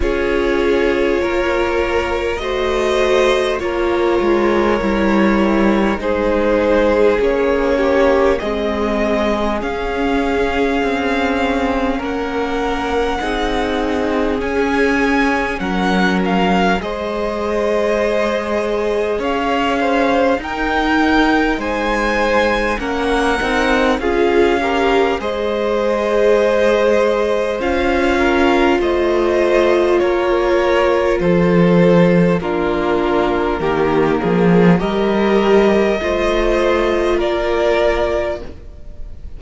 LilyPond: <<
  \new Staff \with { instrumentName = "violin" } { \time 4/4 \tempo 4 = 50 cis''2 dis''4 cis''4~ | cis''4 c''4 cis''4 dis''4 | f''2 fis''2 | gis''4 fis''8 f''8 dis''2 |
f''4 g''4 gis''4 fis''4 | f''4 dis''2 f''4 | dis''4 cis''4 c''4 ais'4~ | ais'4 dis''2 d''4 | }
  \new Staff \with { instrumentName = "violin" } { \time 4/4 gis'4 ais'4 c''4 ais'4~ | ais'4 gis'4. g'8 gis'4~ | gis'2 ais'4 gis'4~ | gis'4 ais'4 c''2 |
cis''8 c''8 ais'4 c''4 ais'4 | gis'8 ais'8 c''2~ c''8 ais'8 | c''4 ais'4 a'4 f'4 | g'8 gis'8 ais'4 c''4 ais'4 | }
  \new Staff \with { instrumentName = "viola" } { \time 4/4 f'2 fis'4 f'4 | e'4 dis'4 cis'4 c'4 | cis'2. dis'4 | cis'2 gis'2~ |
gis'4 dis'2 cis'8 dis'8 | f'8 g'8 gis'2 f'4~ | f'2. d'4 | ais4 g'4 f'2 | }
  \new Staff \with { instrumentName = "cello" } { \time 4/4 cis'4 ais4 a4 ais8 gis8 | g4 gis4 ais4 gis4 | cis'4 c'4 ais4 c'4 | cis'4 fis4 gis2 |
cis'4 dis'4 gis4 ais8 c'8 | cis'4 gis2 cis'4 | a4 ais4 f4 ais4 | dis8 f8 g4 a4 ais4 | }
>>